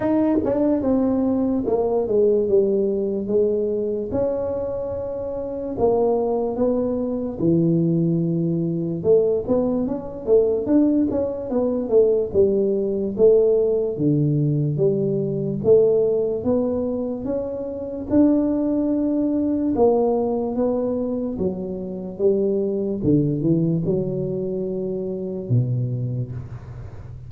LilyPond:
\new Staff \with { instrumentName = "tuba" } { \time 4/4 \tempo 4 = 73 dis'8 d'8 c'4 ais8 gis8 g4 | gis4 cis'2 ais4 | b4 e2 a8 b8 | cis'8 a8 d'8 cis'8 b8 a8 g4 |
a4 d4 g4 a4 | b4 cis'4 d'2 | ais4 b4 fis4 g4 | d8 e8 fis2 b,4 | }